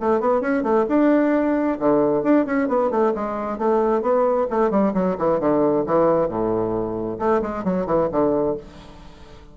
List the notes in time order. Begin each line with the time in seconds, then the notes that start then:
0.00 A3
0.20 B3
0.41 C#4
0.63 A3
0.88 D4
1.79 D3
2.23 D4
2.46 C#4
2.68 B3
2.91 A3
3.15 G#3
3.58 A3
4.02 B3
4.50 A3
4.71 G3
4.94 F#3
5.18 E3
5.40 D3
5.86 E3
6.28 A2
7.19 A3
7.42 G#3
7.64 F#3
7.86 E3
8.12 D3